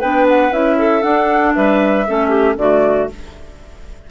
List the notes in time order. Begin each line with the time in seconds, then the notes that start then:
0.00 B3 D4 B4 G5
0.29 F#5
0.52 C#4 E4 E5
0.78 A4
1.02 D4 F#5
1.55 G3 B4 E5
2.08 A3 C#4 A4
2.29 G4
2.57 D3 A3 F#4 D5